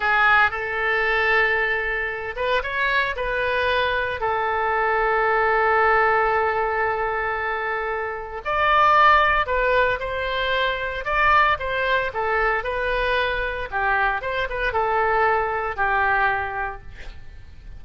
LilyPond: \new Staff \with { instrumentName = "oboe" } { \time 4/4 \tempo 4 = 114 gis'4 a'2.~ | a'8 b'8 cis''4 b'2 | a'1~ | a'1 |
d''2 b'4 c''4~ | c''4 d''4 c''4 a'4 | b'2 g'4 c''8 b'8 | a'2 g'2 | }